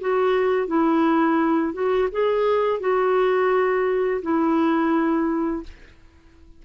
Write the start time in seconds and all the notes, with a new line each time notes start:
0.00 F#4
0.67 E4
1.73 F#4
2.11 G#4
2.79 F#4
4.22 E4